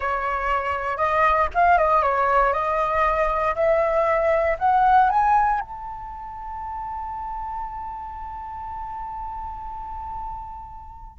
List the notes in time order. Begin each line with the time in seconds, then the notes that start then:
0.00 C#5
0.97 D#5
1.54 F5
1.78 D#5
2.02 C#5
2.53 D#5
3.55 E5
4.58 F#5
5.09 G#5
5.60 A5